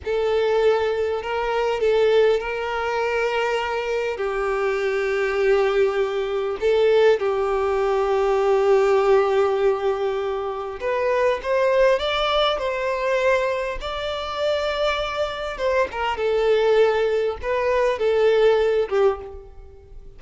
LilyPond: \new Staff \with { instrumentName = "violin" } { \time 4/4 \tempo 4 = 100 a'2 ais'4 a'4 | ais'2. g'4~ | g'2. a'4 | g'1~ |
g'2 b'4 c''4 | d''4 c''2 d''4~ | d''2 c''8 ais'8 a'4~ | a'4 b'4 a'4. g'8 | }